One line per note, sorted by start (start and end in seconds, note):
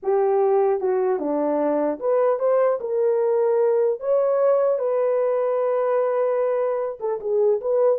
0.03 0.80 G4
0.80 1.19 F#4
1.19 1.99 D4
1.99 2.39 B4
2.39 2.79 C5
2.80 4.00 A#4
4.00 4.78 C#5
4.78 6.98 B4
6.99 7.19 A4
7.20 7.60 G#4
7.61 7.99 B4